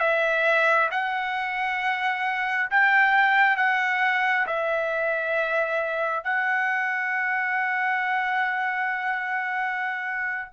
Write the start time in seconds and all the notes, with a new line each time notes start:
0.00 E5
0.91 F#5
2.71 G5
3.57 F#5
4.47 E5
6.24 F#5